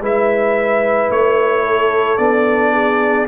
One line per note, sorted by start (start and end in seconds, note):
0.00 1.09 G#3
0.00 2.18 E4
0.00 1.64 B4
0.00 1.12 E5
1.10 2.18 A3
1.10 2.18 C#5
1.64 2.73 A4
2.18 3.27 B3
2.18 3.27 D4
2.18 3.27 D5
2.73 3.28 G#4